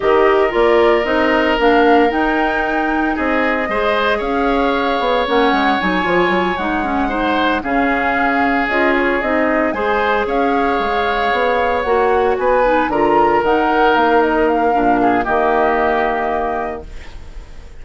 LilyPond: <<
  \new Staff \with { instrumentName = "flute" } { \time 4/4 \tempo 4 = 114 dis''4 d''4 dis''4 f''4 | g''2 dis''2 | f''2 fis''4 gis''4~ | gis''8 fis''2 f''4.~ |
f''8 dis''8 cis''8 dis''4 gis''4 f''8~ | f''2~ f''8 fis''4 gis''8~ | gis''8 ais''4 fis''4 f''8 dis''8 f''8~ | f''4 dis''2. | }
  \new Staff \with { instrumentName = "oboe" } { \time 4/4 ais'1~ | ais'2 gis'4 c''4 | cis''1~ | cis''4. c''4 gis'4.~ |
gis'2~ gis'8 c''4 cis''8~ | cis''2.~ cis''8 b'8~ | b'8 ais'2.~ ais'8~ | ais'8 gis'8 g'2. | }
  \new Staff \with { instrumentName = "clarinet" } { \time 4/4 g'4 f'4 dis'4 d'4 | dis'2. gis'4~ | gis'2 cis'4 dis'8 f'8~ | f'8 dis'8 cis'8 dis'4 cis'4.~ |
cis'8 f'4 dis'4 gis'4.~ | gis'2~ gis'8 fis'4. | dis'8 f'4 dis'2~ dis'8 | d'4 ais2. | }
  \new Staff \with { instrumentName = "bassoon" } { \time 4/4 dis4 ais4 c'4 ais4 | dis'2 c'4 gis4 | cis'4. b8 ais8 gis8 fis8 f8 | fis8 gis2 cis4.~ |
cis8 cis'4 c'4 gis4 cis'8~ | cis'8 gis4 b4 ais4 b8~ | b8 d4 dis4 ais4. | ais,4 dis2. | }
>>